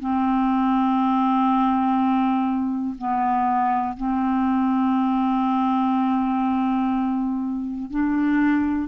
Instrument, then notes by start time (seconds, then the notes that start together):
clarinet
0.00 C4
2.98 B3
3.97 C4
7.90 D4